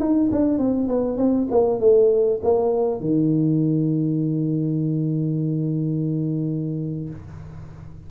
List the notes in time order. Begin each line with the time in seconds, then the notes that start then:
0.00 D#4
0.32 D4
0.59 C4
0.88 B3
1.18 C4
1.51 A#3
1.80 A3
2.44 A#3
3.01 D#3